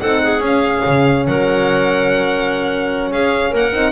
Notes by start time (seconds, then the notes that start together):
0.00 C4 D#4 A4 F#5
0.22 G#4
0.39 C#4
0.46 F5
0.86 C#3
1.26 F#3 A#4 F#5
3.11 C#4 G#4 F5
3.50 A#3 A#4 F#5
3.72 C4 D#4